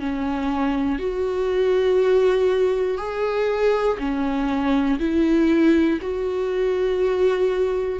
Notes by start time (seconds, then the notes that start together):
0.00 C#4
0.99 F#4
2.98 G#4
3.99 C#4
4.99 E4
6.01 F#4